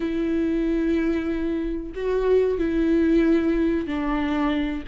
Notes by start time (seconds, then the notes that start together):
0.00 E4
1.94 F#4
2.58 E4
3.87 D4